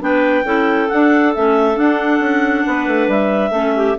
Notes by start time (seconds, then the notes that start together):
0.00 B3 D4 B4 G5
0.44 C#4 E4 A4
0.89 D4 F#5
1.34 A3 C#4 E5
1.74 D4 F#5
2.19 C#4
2.66 B3 B4
2.87 A3
3.08 G3 E5
3.51 A3 C#4 A4
3.75 G4